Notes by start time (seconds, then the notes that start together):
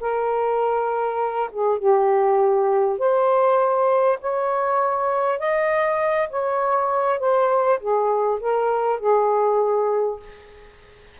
0.00 A#4
1.52 G#4
1.78 G4
2.98 C5
4.21 C#5
5.39 D#5
6.30 C#5
7.19 C5
7.79 G#4
8.40 A#4
8.99 G#4